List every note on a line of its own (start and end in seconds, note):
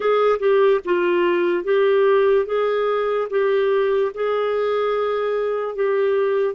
0.00 0.38 G#4
0.39 0.80 G4
0.84 1.64 F4
1.64 2.45 G4
2.45 3.28 G#4
3.30 4.12 G4
4.14 5.75 G#4
5.75 6.54 G4